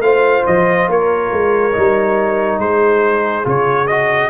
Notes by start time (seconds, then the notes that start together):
0.00 A3 F4 C5 F5
0.47 F3 D#5
0.89 A#3 A#4 C#5
1.32 G#3
1.72 G3 D#4
2.59 G#3 G#4 C5
3.44 C#3 F4 C#5
3.87 F#4 D#5